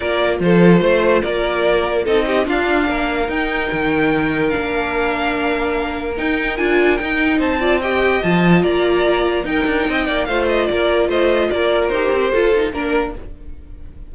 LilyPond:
<<
  \new Staff \with { instrumentName = "violin" } { \time 4/4 \tempo 4 = 146 d''4 c''2 d''4~ | d''4 dis''4 f''2 | g''2. f''4~ | f''2. g''4 |
gis''4 g''4 a''4 g''4 | a''4 ais''2 g''4~ | g''4 f''8 dis''8 d''4 dis''4 | d''4 c''2 ais'4 | }
  \new Staff \with { instrumentName = "violin" } { \time 4/4 ais'4 a'4 c''4 ais'4~ | ais'4 a'8 g'8 f'4 ais'4~ | ais'1~ | ais'1~ |
ais'2 c''8 d''8 dis''4~ | dis''4 d''2 ais'4 | dis''8 d''8 c''4 ais'4 c''4 | ais'2 a'4 ais'4 | }
  \new Staff \with { instrumentName = "viola" } { \time 4/4 f'1~ | f'4 dis'4 d'2 | dis'2. d'4~ | d'2. dis'4 |
f'4 dis'4. f'8 g'4 | f'2. dis'4~ | dis'4 f'2.~ | f'4 g'4 f'8 dis'8 d'4 | }
  \new Staff \with { instrumentName = "cello" } { \time 4/4 ais4 f4 a4 ais4~ | ais4 c'4 d'4 ais4 | dis'4 dis2 ais4~ | ais2. dis'4 |
d'4 dis'4 c'2 | f4 ais2 dis'8 d'8 | c'8 ais8 a4 ais4 a4 | ais4 dis'8 c'8 f'4 ais4 | }
>>